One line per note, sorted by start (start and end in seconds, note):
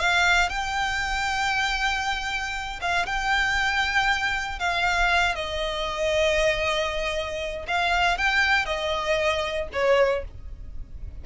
0.00 0.50 F5
0.50 2.80 G5
2.82 3.07 F5
3.07 4.60 G5
4.60 5.35 F5
5.35 7.66 D#5
7.68 8.18 F5
8.18 8.66 G5
8.66 9.68 D#5
9.73 10.25 C#5